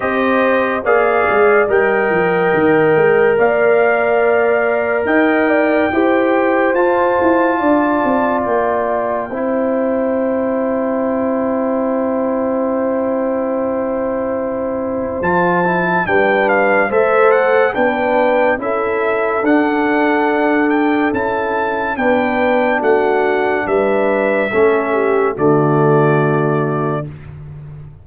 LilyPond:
<<
  \new Staff \with { instrumentName = "trumpet" } { \time 4/4 \tempo 4 = 71 dis''4 f''4 g''2 | f''2 g''2 | a''2 g''2~ | g''1~ |
g''2 a''4 g''8 f''8 | e''8 fis''8 g''4 e''4 fis''4~ | fis''8 g''8 a''4 g''4 fis''4 | e''2 d''2 | }
  \new Staff \with { instrumentName = "horn" } { \time 4/4 c''4 d''4 dis''2 | d''2 dis''8 d''8 c''4~ | c''4 d''2 c''4~ | c''1~ |
c''2. b'4 | c''4 b'4 a'2~ | a'2 b'4 fis'4 | b'4 a'8 g'8 fis'2 | }
  \new Staff \with { instrumentName = "trombone" } { \time 4/4 g'4 gis'4 ais'2~ | ais'2. g'4 | f'2. e'4~ | e'1~ |
e'2 f'8 e'8 d'4 | a'4 d'4 e'4 d'4~ | d'4 e'4 d'2~ | d'4 cis'4 a2 | }
  \new Staff \with { instrumentName = "tuba" } { \time 4/4 c'4 ais8 gis8 g8 f8 dis8 gis8 | ais2 dis'4 e'4 | f'8 e'8 d'8 c'8 ais4 c'4~ | c'1~ |
c'2 f4 g4 | a4 b4 cis'4 d'4~ | d'4 cis'4 b4 a4 | g4 a4 d2 | }
>>